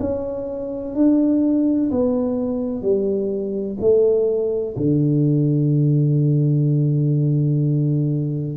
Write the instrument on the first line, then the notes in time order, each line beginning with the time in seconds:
tuba
0.00 C#4
0.95 D4
1.91 B3
2.82 G3
3.81 A3
4.77 D3